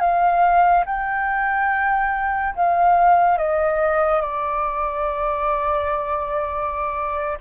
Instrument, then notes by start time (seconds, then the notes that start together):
flute
0.00 F5
0.86 G5
2.55 F5
3.38 D#5
4.21 D5